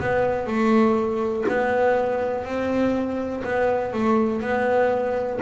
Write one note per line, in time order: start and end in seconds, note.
0.00 0.46 B3
0.46 1.45 A3
1.49 2.45 B3
2.45 3.43 C4
3.44 3.93 B3
3.93 4.41 A3
4.41 5.40 B3